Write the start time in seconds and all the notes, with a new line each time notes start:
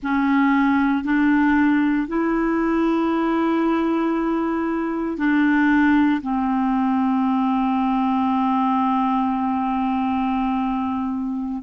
0.02 C#4
1.03 D4
2.07 E4
5.17 D4
6.22 C4